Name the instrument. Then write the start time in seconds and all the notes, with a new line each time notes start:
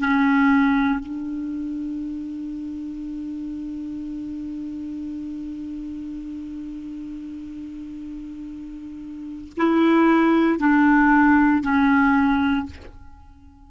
clarinet
0.00 C#4
1.00 D4
9.57 E4
10.60 D4
11.63 C#4